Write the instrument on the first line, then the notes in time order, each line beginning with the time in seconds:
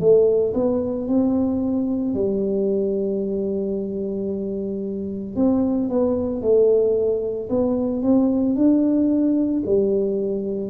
tuba
0.00 A3
0.54 B3
1.08 C4
2.14 G3
5.36 C4
5.89 B3
6.42 A3
7.50 B3
8.03 C4
8.56 D4
9.66 G3